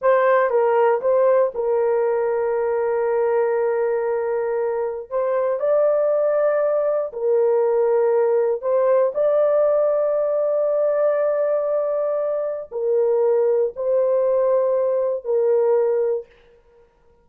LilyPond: \new Staff \with { instrumentName = "horn" } { \time 4/4 \tempo 4 = 118 c''4 ais'4 c''4 ais'4~ | ais'1~ | ais'2 c''4 d''4~ | d''2 ais'2~ |
ais'4 c''4 d''2~ | d''1~ | d''4 ais'2 c''4~ | c''2 ais'2 | }